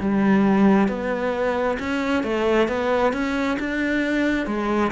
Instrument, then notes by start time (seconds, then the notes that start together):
cello
0.00 G3
0.88 B3
1.79 C#4
2.23 A3
2.68 B3
3.13 C#4
3.59 D4
4.46 G#3